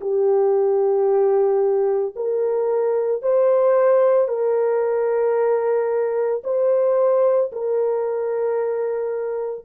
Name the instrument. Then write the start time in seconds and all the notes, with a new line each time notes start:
horn
0.00 G4
2.15 A#4
3.22 C5
4.28 A#4
6.43 C5
7.52 A#4